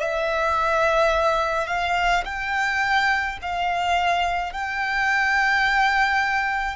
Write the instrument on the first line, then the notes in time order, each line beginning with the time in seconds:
violin
0.00 E5
1.67 F5
2.25 G5
3.42 F5
4.52 G5